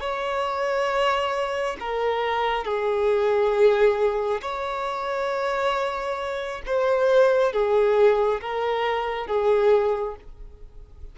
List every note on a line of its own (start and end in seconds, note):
0.00 1.76 C#5
1.80 2.64 A#4
2.64 4.41 G#4
4.41 6.62 C#5
6.66 7.52 C5
7.52 8.40 G#4
8.41 9.27 A#4
9.27 10.15 G#4